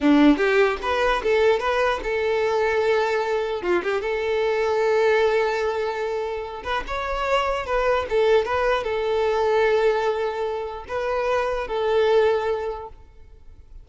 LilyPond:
\new Staff \with { instrumentName = "violin" } { \time 4/4 \tempo 4 = 149 d'4 g'4 b'4 a'4 | b'4 a'2.~ | a'4 f'8 g'8 a'2~ | a'1~ |
a'8 b'8 cis''2 b'4 | a'4 b'4 a'2~ | a'2. b'4~ | b'4 a'2. | }